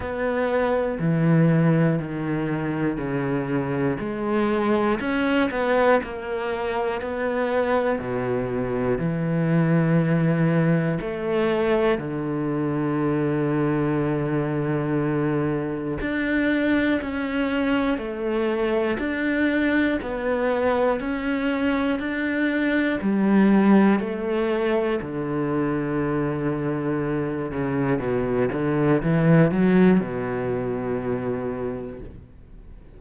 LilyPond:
\new Staff \with { instrumentName = "cello" } { \time 4/4 \tempo 4 = 60 b4 e4 dis4 cis4 | gis4 cis'8 b8 ais4 b4 | b,4 e2 a4 | d1 |
d'4 cis'4 a4 d'4 | b4 cis'4 d'4 g4 | a4 d2~ d8 cis8 | b,8 d8 e8 fis8 b,2 | }